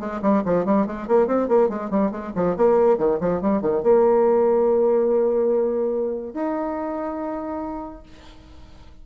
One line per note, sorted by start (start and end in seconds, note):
0.00 0.21 G#3
0.22 0.43 G3
0.46 0.65 F3
0.65 0.86 G3
0.86 1.08 G#3
1.08 1.28 A#3
1.28 1.48 C4
1.48 1.69 A#3
1.69 1.91 G#3
1.91 2.12 G3
2.12 2.33 G#3
2.36 2.57 F3
2.57 2.98 A#3
2.98 3.19 D#3
3.21 3.41 F3
3.41 3.62 G3
3.62 3.83 D#3
3.83 6.34 A#3
6.34 8.03 D#4